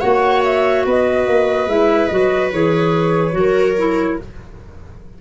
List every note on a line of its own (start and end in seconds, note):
0.00 0.85 A#3
0.00 1.67 F#4
0.00 0.84 C#5
0.00 0.42 F#5
0.43 0.85 E5
0.85 1.27 B3
0.85 3.36 B4
0.85 1.68 D#5
1.27 1.66 A#3
1.66 2.08 G#3
1.66 2.10 E4
1.66 2.07 E5
2.07 2.52 F#3
2.07 2.52 F#4
2.07 2.49 D#5
2.52 3.33 E3
2.52 3.31 G#4
2.52 4.19 C#5
3.31 4.16 F#3
3.31 3.73 F#4
3.37 4.21 A#4
3.77 4.19 E4